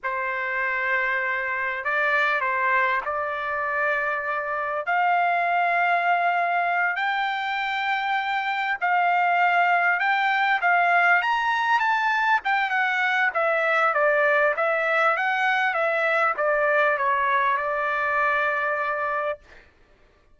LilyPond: \new Staff \with { instrumentName = "trumpet" } { \time 4/4 \tempo 4 = 99 c''2. d''4 | c''4 d''2. | f''2.~ f''8 g''8~ | g''2~ g''8 f''4.~ |
f''8 g''4 f''4 ais''4 a''8~ | a''8 g''8 fis''4 e''4 d''4 | e''4 fis''4 e''4 d''4 | cis''4 d''2. | }